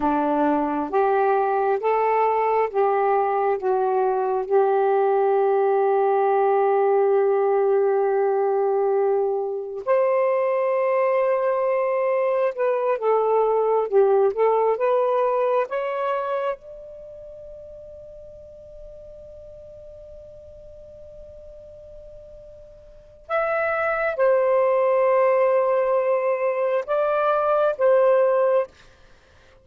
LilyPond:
\new Staff \with { instrumentName = "saxophone" } { \time 4/4 \tempo 4 = 67 d'4 g'4 a'4 g'4 | fis'4 g'2.~ | g'2. c''4~ | c''2 b'8 a'4 g'8 |
a'8 b'4 cis''4 d''4.~ | d''1~ | d''2 e''4 c''4~ | c''2 d''4 c''4 | }